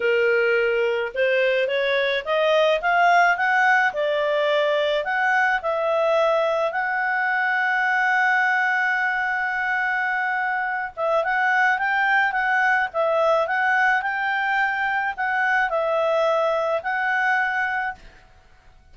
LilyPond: \new Staff \with { instrumentName = "clarinet" } { \time 4/4 \tempo 4 = 107 ais'2 c''4 cis''4 | dis''4 f''4 fis''4 d''4~ | d''4 fis''4 e''2 | fis''1~ |
fis''2.~ fis''8 e''8 | fis''4 g''4 fis''4 e''4 | fis''4 g''2 fis''4 | e''2 fis''2 | }